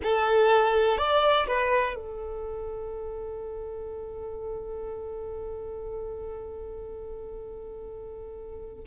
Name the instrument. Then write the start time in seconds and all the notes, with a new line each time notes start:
violin
0.03 A4
0.97 D5
1.47 B4
1.95 A4